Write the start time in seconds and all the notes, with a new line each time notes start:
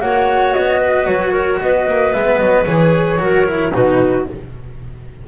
0.00 A#3 F#4 C#5 F#5
0.53 B3 D#5
0.80 B4
1.06 F#3 C#5
1.32 A#4
1.60 B3 B4 D#5
1.87 A#3
2.12 G#3 B3 E5
2.38 F#3 D#5
2.66 E3 G#4 C#5
3.18 F#3 F#4 A#4
3.45 E4
3.73 B2 D#4 F#4 B4